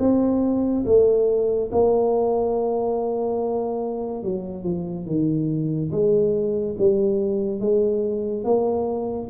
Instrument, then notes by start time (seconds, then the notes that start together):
tuba
0.00 C4
0.86 A3
1.72 A#3
4.23 F#3
4.64 F3
5.06 D#3
5.92 G#3
6.79 G3
7.61 G#3
8.45 A#3